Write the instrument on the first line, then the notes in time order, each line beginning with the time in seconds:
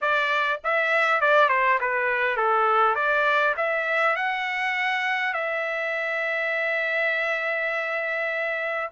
trumpet
0.01 D5
0.64 E5
1.20 D5
1.49 C5
1.80 B4
2.36 A4
2.95 D5
3.56 E5
4.16 F#5
5.33 E5